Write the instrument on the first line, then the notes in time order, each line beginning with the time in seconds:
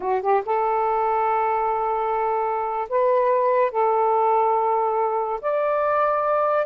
saxophone
0.00 F#4
0.21 G4
0.45 A4
2.89 B4
3.71 A4
5.41 D5